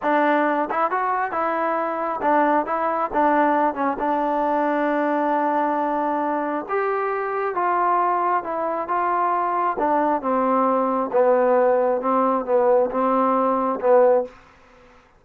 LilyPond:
\new Staff \with { instrumentName = "trombone" } { \time 4/4 \tempo 4 = 135 d'4. e'8 fis'4 e'4~ | e'4 d'4 e'4 d'4~ | d'8 cis'8 d'2.~ | d'2. g'4~ |
g'4 f'2 e'4 | f'2 d'4 c'4~ | c'4 b2 c'4 | b4 c'2 b4 | }